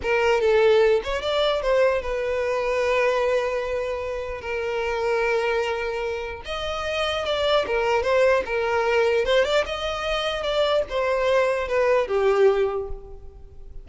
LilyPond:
\new Staff \with { instrumentName = "violin" } { \time 4/4 \tempo 4 = 149 ais'4 a'4. cis''8 d''4 | c''4 b'2.~ | b'2. ais'4~ | ais'1 |
dis''2 d''4 ais'4 | c''4 ais'2 c''8 d''8 | dis''2 d''4 c''4~ | c''4 b'4 g'2 | }